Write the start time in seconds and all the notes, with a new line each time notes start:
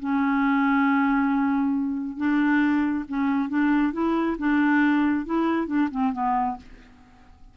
0.00 C#4
2.18 D4
3.09 C#4
3.50 D4
3.93 E4
4.39 D4
5.26 E4
5.67 D4
5.91 C4
6.13 B3